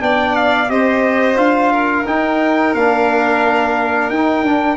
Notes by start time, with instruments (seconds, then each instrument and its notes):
0.00 tuba B3, trombone D4, violin D5, trumpet G5
0.36 trumpet F5
0.69 tuba C4, trombone G4, violin C5, trumpet D#5
1.37 tuba D4, trombone F4, trumpet F5
1.73 violin A#4
2.06 tuba D#4, trombone D#4, trumpet G5
2.74 tuba A#3, trombone D4, trumpet F5
4.10 tuba D#4, trombone D#4, trumpet G5
4.43 tuba D4, trombone D4